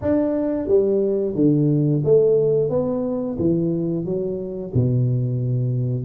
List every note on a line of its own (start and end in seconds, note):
0.01 0.67 D4
0.67 1.35 G3
1.35 2.02 D3
2.04 2.69 A3
2.69 3.37 B3
3.39 4.04 E3
4.04 4.72 F#3
4.73 6.05 B2